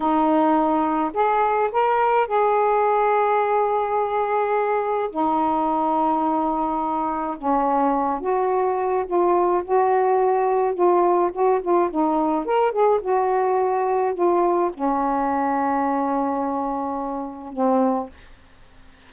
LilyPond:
\new Staff \with { instrumentName = "saxophone" } { \time 4/4 \tempo 4 = 106 dis'2 gis'4 ais'4 | gis'1~ | gis'4 dis'2.~ | dis'4 cis'4. fis'4. |
f'4 fis'2 f'4 | fis'8 f'8 dis'4 ais'8 gis'8 fis'4~ | fis'4 f'4 cis'2~ | cis'2. c'4 | }